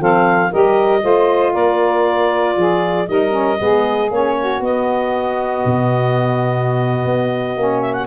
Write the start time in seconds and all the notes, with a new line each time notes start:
0.00 F3 C4 A4 F5
0.51 G3 G4 A#4 D#5
1.00 A3 F4 C5
1.53 A#3 A#4 D5
2.57 F3 G#4
3.07 G3 D#4 A#4 D#5
3.31 C#4
3.58 G#3 B3 G#4
4.10 A#3 C#4 C#5
4.37 F#4
4.60 B3 D#5
5.65 B2
7.05 B3
7.56 A#3 C#4
7.82 E5
7.93 F#5